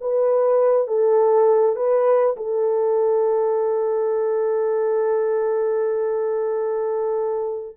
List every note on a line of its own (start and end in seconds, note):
0.00 0.87 B4
0.87 1.75 A4
1.75 2.35 B4
2.36 7.76 A4